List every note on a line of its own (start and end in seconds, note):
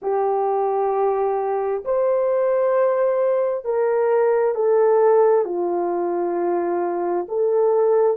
0.02 1.83 G4
1.84 3.64 C5
3.64 4.55 A#4
4.55 5.45 A4
5.45 7.26 F4
7.28 8.17 A4